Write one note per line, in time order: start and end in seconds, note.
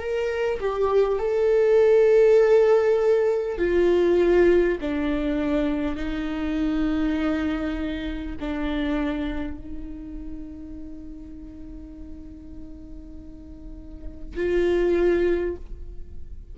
0.00 0.60 A#4
0.61 1.19 G4
1.19 3.59 A4
3.59 4.79 F4
4.82 5.96 D4
5.96 8.36 D#4
8.41 9.58 D4
9.58 14.36 D#4
14.36 15.56 F4